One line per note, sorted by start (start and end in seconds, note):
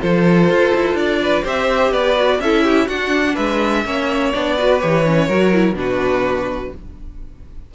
0.00 0.49 F3
0.00 1.44 F4
0.00 1.20 A4
0.00 0.97 C5
0.49 0.73 F4
0.75 0.94 E4
0.94 1.42 D4
0.94 1.45 D5
1.22 1.43 B4
1.43 1.91 C4
1.43 2.16 G4
1.43 1.91 C5
1.43 1.93 E5
1.91 2.39 B3
1.91 2.39 B4
1.91 2.40 D5
2.16 2.40 F#4
2.39 2.87 C#4
2.39 2.89 E4
2.39 2.63 A4
2.39 2.88 E5
2.63 2.86 G4
2.86 3.36 D4
2.86 3.85 D4
2.86 3.34 F#4
2.86 3.35 F#5
3.34 3.85 G#3
3.34 3.82 B4
3.34 4.31 E5
3.85 4.33 A#3
3.85 4.33 C#4
3.85 4.56 C#5
4.33 4.83 B3
4.33 4.58 D4
4.33 4.79 D5
4.56 4.79 F#4
4.56 5.27 B4
4.79 5.29 E3
4.79 5.03 G4
4.79 5.75 C#5
5.06 5.30 C#4
5.27 5.72 F#3
5.27 5.53 F#4
5.27 5.75 A#4
5.53 5.75 E4
5.72 6.68 B2
5.72 6.71 D4
5.78 6.74 F#4
5.78 6.74 B4